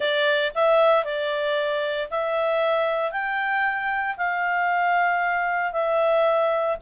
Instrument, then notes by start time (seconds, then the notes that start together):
clarinet
0.00 D5
0.54 E5
1.04 D5
2.10 E5
3.11 G5
4.17 F5
5.72 E5